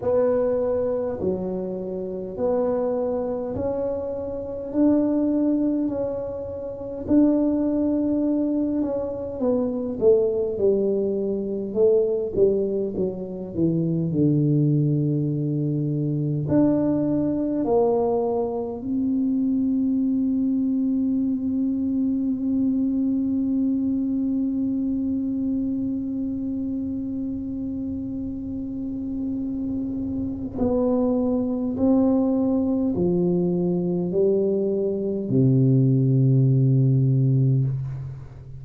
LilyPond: \new Staff \with { instrumentName = "tuba" } { \time 4/4 \tempo 4 = 51 b4 fis4 b4 cis'4 | d'4 cis'4 d'4. cis'8 | b8 a8 g4 a8 g8 fis8 e8 | d2 d'4 ais4 |
c'1~ | c'1~ | c'2 b4 c'4 | f4 g4 c2 | }